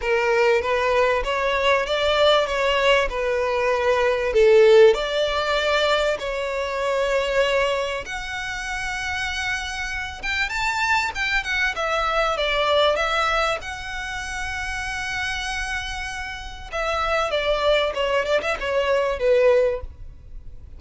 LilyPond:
\new Staff \with { instrumentName = "violin" } { \time 4/4 \tempo 4 = 97 ais'4 b'4 cis''4 d''4 | cis''4 b'2 a'4 | d''2 cis''2~ | cis''4 fis''2.~ |
fis''8 g''8 a''4 g''8 fis''8 e''4 | d''4 e''4 fis''2~ | fis''2. e''4 | d''4 cis''8 d''16 e''16 cis''4 b'4 | }